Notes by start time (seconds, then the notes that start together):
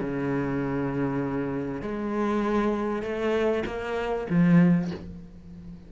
0.00 C#3
1.82 G#3
3.02 A3
3.66 A#3
4.29 F3